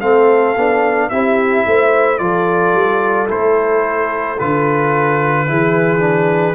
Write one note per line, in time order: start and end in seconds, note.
0.00 0.56 A3
0.00 0.56 C4
0.00 1.09 A4
0.00 1.09 F5
0.56 1.10 B3
0.56 1.11 D4
1.09 1.65 C4
1.09 2.18 E4
1.09 1.66 G4
1.09 2.18 E5
1.66 2.20 A3
1.66 2.21 C5
2.18 2.73 F3
2.18 3.27 F4
2.18 5.48 A4
2.18 3.27 D5
2.73 3.28 G3
3.27 4.39 A3
3.27 4.37 E4
3.27 4.39 C5
4.39 5.49 D3
4.39 5.47 F4
4.39 6.55 B4
5.47 6.55 E3
5.47 5.99 E4
5.47 6.55 G#4
5.99 6.54 D4